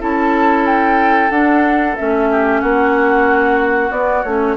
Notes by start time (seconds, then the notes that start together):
0.00 C#4 E4 A4 A5
0.67 G5
1.31 D4 F#5
1.97 A3 C#4 E5
2.32 G4
2.62 A#3 F#4 F#5
3.91 B3 D5
4.24 A3 C#4 C#5